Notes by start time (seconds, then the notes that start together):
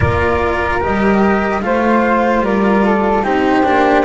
0.00 A#3 F4 A#4 D5
0.80 G3 G4 D#5
1.61 A3 F4 C5 F5
2.40 G3 A#4 D5
2.85 A4
3.22 C4 D#4 G4 C5
3.63 A#3 D4